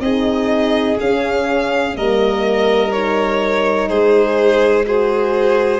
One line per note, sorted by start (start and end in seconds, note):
0.00 0.97 C4
0.00 0.99 D#4
0.00 1.98 G#4
0.00 0.98 D#5
0.99 1.94 C#4
0.99 1.97 C#4
0.99 1.96 F5
1.94 3.90 G3
1.94 2.91 A#3
1.94 3.89 A#4
1.94 2.92 D#5
2.92 4.86 D#4
2.92 3.88 C#5
3.88 5.80 G#3
3.88 4.86 G#4
3.88 4.85 C5
4.86 5.80 F#4
4.86 5.80 G#4
4.86 5.80 C5